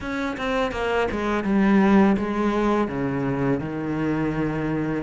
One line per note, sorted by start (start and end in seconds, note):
0.00 0.36 C#4
0.37 0.71 C4
0.71 1.07 A#3
1.11 1.44 G#3
1.44 2.16 G3
2.17 2.88 G#3
2.88 3.59 C#3
3.59 5.03 D#3